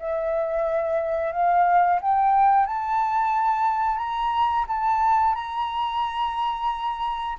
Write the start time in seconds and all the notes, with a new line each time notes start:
0.00 E5
1.33 F5
2.02 G5
2.67 A5
3.98 A#5
4.68 A5
5.35 A#5